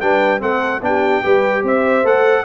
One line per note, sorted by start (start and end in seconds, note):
0.00 0.41 G3
0.00 0.39 D4
0.00 0.43 B4
0.00 0.41 G5
0.39 0.81 A3
0.39 0.80 C4
0.39 0.85 A4
0.39 0.82 F#5
0.81 1.22 B3
0.81 1.23 D4
0.81 1.23 G4
0.81 1.65 G5
1.23 1.63 G3
1.23 2.04 G4
1.23 1.62 B4
1.62 2.03 C4
1.62 2.44 C5
1.62 2.06 E5
2.03 2.44 A3
2.03 2.45 A4
2.03 2.45 F#5